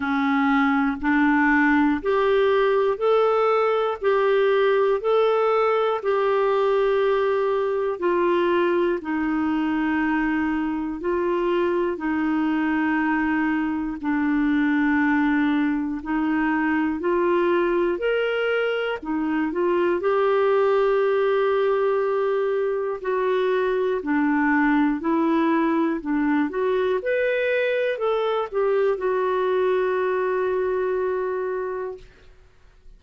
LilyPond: \new Staff \with { instrumentName = "clarinet" } { \time 4/4 \tempo 4 = 60 cis'4 d'4 g'4 a'4 | g'4 a'4 g'2 | f'4 dis'2 f'4 | dis'2 d'2 |
dis'4 f'4 ais'4 dis'8 f'8 | g'2. fis'4 | d'4 e'4 d'8 fis'8 b'4 | a'8 g'8 fis'2. | }